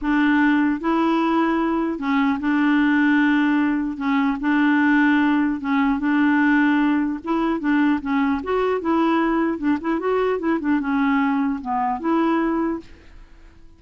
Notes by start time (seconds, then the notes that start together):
0.01 D4
0.80 E4
1.99 C#4
2.39 D4
3.97 C#4
4.40 D4
5.60 C#4
5.99 D4
7.24 E4
7.60 D4
8.01 C#4
8.43 F#4
8.81 E4
9.58 D4
9.80 E4
9.99 F#4
10.39 E4
10.59 D4
10.79 C#4
11.61 B3
12.00 E4